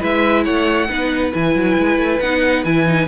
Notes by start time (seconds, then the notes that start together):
0.00 G#3 E4 B4 E5
0.44 A3 C#5 F#5
0.89 B3 D#4 B4
1.33 E3 E4 G#5
1.56 F#3
1.78 G#3
1.98 A3
2.20 B3 D#4 F#5
2.65 E3 E4 G#5
2.87 D#4